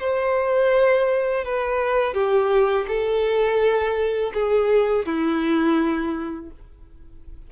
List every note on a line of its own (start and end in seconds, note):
0.00 1.45 C5
1.45 2.14 B4
2.14 2.86 G4
2.88 4.32 A4
4.34 5.06 G#4
5.06 6.51 E4